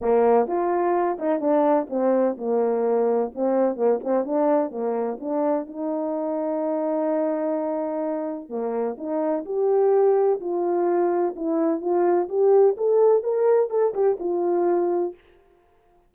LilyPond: \new Staff \with { instrumentName = "horn" } { \time 4/4 \tempo 4 = 127 ais4 f'4. dis'8 d'4 | c'4 ais2 c'4 | ais8 c'8 d'4 ais4 d'4 | dis'1~ |
dis'2 ais4 dis'4 | g'2 f'2 | e'4 f'4 g'4 a'4 | ais'4 a'8 g'8 f'2 | }